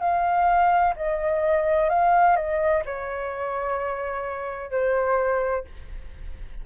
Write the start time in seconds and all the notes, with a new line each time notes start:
0.00 F5
0.96 D#5
1.89 F5
2.37 D#5
2.86 C#5
4.71 C5